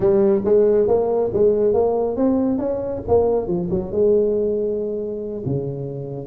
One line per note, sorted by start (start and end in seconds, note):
0.00 0.42 G3
0.44 0.87 G#3
0.87 1.31 A#3
1.33 1.73 G#3
1.73 2.16 A#3
2.16 2.58 C4
2.58 3.01 C#4
3.08 3.47 A#3
3.47 3.69 F3
3.70 3.91 F#3
3.91 5.43 G#3
5.45 6.27 C#3